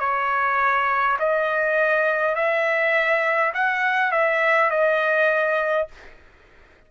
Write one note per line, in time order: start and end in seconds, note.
0.00 1.18 C#5
1.19 2.35 D#5
2.35 3.53 E5
3.54 4.12 F#5
4.12 4.71 E5
4.71 5.88 D#5